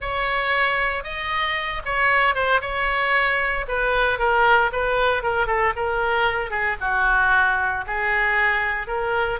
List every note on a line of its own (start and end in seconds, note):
0.00 1.03 C#5
1.03 1.82 D#5
1.85 2.34 C#5
2.34 2.60 C5
2.61 3.65 C#5
3.68 4.18 B4
4.18 4.71 A#4
4.72 5.22 B4
5.22 5.46 A#4
5.46 5.72 A4
5.75 6.50 A#4
6.50 6.76 G#4
6.80 7.85 F#4
7.86 8.87 G#4
8.87 9.39 A#4